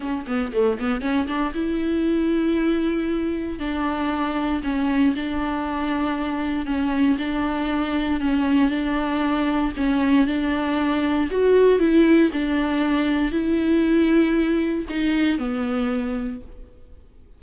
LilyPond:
\new Staff \with { instrumentName = "viola" } { \time 4/4 \tempo 4 = 117 cis'8 b8 a8 b8 cis'8 d'8 e'4~ | e'2. d'4~ | d'4 cis'4 d'2~ | d'4 cis'4 d'2 |
cis'4 d'2 cis'4 | d'2 fis'4 e'4 | d'2 e'2~ | e'4 dis'4 b2 | }